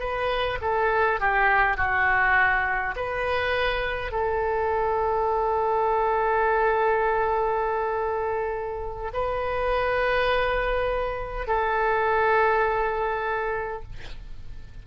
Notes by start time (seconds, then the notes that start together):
0.00 B4
0.61 A4
1.20 G4
1.78 F#4
2.96 B4
4.12 A4
9.13 B4
11.48 A4